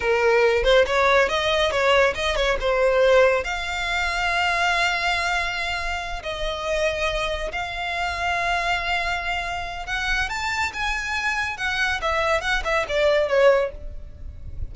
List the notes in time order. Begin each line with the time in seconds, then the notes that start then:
0.00 A#4
0.63 C5
0.86 C#5
1.28 D#5
1.71 C#5
2.14 D#5
2.36 C#5
2.60 C5
3.43 F5
6.23 D#5
7.52 F5
9.86 F#5
10.29 A5
10.73 G#5
11.57 F#5
12.01 E5
12.41 F#5
12.64 E5
12.88 D5
13.28 C#5